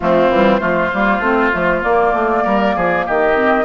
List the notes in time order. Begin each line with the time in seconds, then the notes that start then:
0.00 F3 A3 C4 F4
0.29 E3 G3
0.57 F3 A3 F4 C5
0.93 G3 A#3
1.19 A3 C4
1.51 F3 A3
1.82 A#3 D5
2.13 A3
2.44 G3 A#4
2.75 F3 G#4
3.06 D#3 G4 D#5
3.34 C4